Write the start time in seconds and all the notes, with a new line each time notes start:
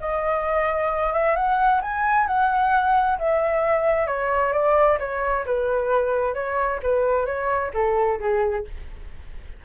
0.00 D#5
1.13 E5
1.36 F#5
1.82 G#5
2.27 F#5
3.18 E5
4.07 C#5
4.52 D5
4.99 C#5
5.46 B4
6.34 C#5
6.82 B4
7.26 C#5
7.74 A4
8.20 G#4